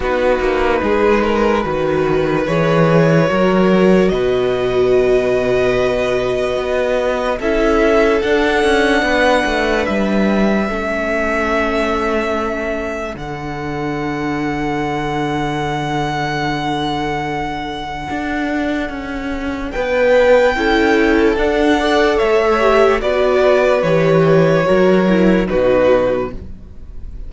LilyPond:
<<
  \new Staff \with { instrumentName = "violin" } { \time 4/4 \tempo 4 = 73 b'2. cis''4~ | cis''4 dis''2.~ | dis''4 e''4 fis''2 | e''1 |
fis''1~ | fis''1 | g''2 fis''4 e''4 | d''4 cis''2 b'4 | }
  \new Staff \with { instrumentName = "violin" } { \time 4/4 fis'4 gis'8 ais'8 b'2 | ais'4 b'2.~ | b'4 a'2 b'4~ | b'4 a'2.~ |
a'1~ | a'1 | b'4 a'4. d''8 cis''4 | b'2 ais'4 fis'4 | }
  \new Staff \with { instrumentName = "viola" } { \time 4/4 dis'2 fis'4 gis'4 | fis'1~ | fis'4 e'4 d'2~ | d'4 cis'2. |
d'1~ | d'1~ | d'4 e'4 d'8 a'4 g'8 | fis'4 g'4 fis'8 e'8 dis'4 | }
  \new Staff \with { instrumentName = "cello" } { \time 4/4 b8 ais8 gis4 dis4 e4 | fis4 b,2. | b4 cis'4 d'8 cis'8 b8 a8 | g4 a2. |
d1~ | d2 d'4 cis'4 | b4 cis'4 d'4 a4 | b4 e4 fis4 b,4 | }
>>